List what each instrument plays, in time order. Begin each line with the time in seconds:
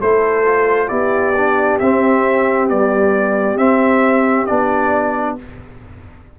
0.00 tuba A3, trombone E4, horn A4, trumpet C5
0.45 trombone F4
0.88 tuba B3, trombone E4, horn G4, trumpet D5
1.36 trombone D4
1.79 tuba C4, trombone C4, trumpet E5
2.68 trombone G3, tuba B3, trumpet D5
3.57 tuba C4, trombone C4, trumpet E5
4.46 tuba B3, trombone D4, trumpet D5